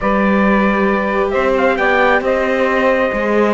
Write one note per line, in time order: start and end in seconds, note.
0.00 1.34 G3
0.00 3.12 G4
0.00 1.31 B4
0.00 1.29 D5
1.30 1.78 C4
1.30 1.76 C5
1.30 1.52 E5
1.57 1.77 F5
1.77 2.20 B3
1.77 2.23 D5
1.77 2.21 G5
2.20 3.09 C4
2.20 3.54 C5
2.20 3.54 D#5
3.12 3.54 G#3
3.12 3.54 G#4